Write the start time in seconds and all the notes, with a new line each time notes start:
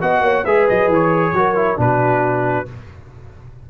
0.00 B3 F#4 D#5 F#5
0.20 A#3 C#5
0.43 G#3 G#4 B4 E5
0.68 F#3 D#5
0.87 E3
0.94 C#5
1.32 F#3 F#4 A#4
1.55 E4
1.76 B2 D4 F#4 B4